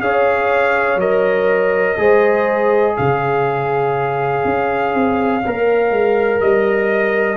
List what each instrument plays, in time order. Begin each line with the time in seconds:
0.00 tuba C#4, trombone G#4, horn C#5, trumpet F5
0.96 tuba F#3, trombone A#4, trumpet D#5
1.98 tuba G#3, trombone G#4, horn C5
2.96 tuba C#3, horn C#5, trumpet F5
4.44 tuba C#4
4.94 tuba C4
5.46 tuba A#3, trombone A#4
5.91 tuba G#3
6.41 tuba G3, trumpet D#5